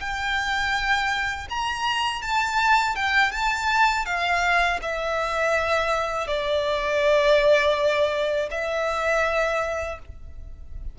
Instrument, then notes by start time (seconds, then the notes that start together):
violin
0.00 G5
1.50 A#5
2.22 A5
2.96 G5
3.32 A5
4.06 F5
4.82 E5
6.27 D5
8.51 E5